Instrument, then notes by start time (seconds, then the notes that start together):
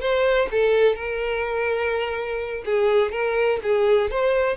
violin
0.00 C5
0.51 A4
0.95 A#4
2.65 G#4
3.11 A#4
3.63 G#4
4.11 C5